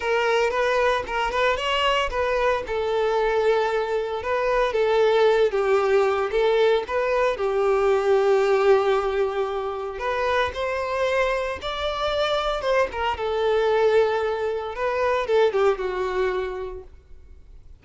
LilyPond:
\new Staff \with { instrumentName = "violin" } { \time 4/4 \tempo 4 = 114 ais'4 b'4 ais'8 b'8 cis''4 | b'4 a'2. | b'4 a'4. g'4. | a'4 b'4 g'2~ |
g'2. b'4 | c''2 d''2 | c''8 ais'8 a'2. | b'4 a'8 g'8 fis'2 | }